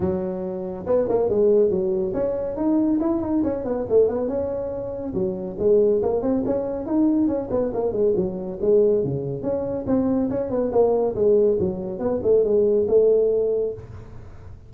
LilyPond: \new Staff \with { instrumentName = "tuba" } { \time 4/4 \tempo 4 = 140 fis2 b8 ais8 gis4 | fis4 cis'4 dis'4 e'8 dis'8 | cis'8 b8 a8 b8 cis'2 | fis4 gis4 ais8 c'8 cis'4 |
dis'4 cis'8 b8 ais8 gis8 fis4 | gis4 cis4 cis'4 c'4 | cis'8 b8 ais4 gis4 fis4 | b8 a8 gis4 a2 | }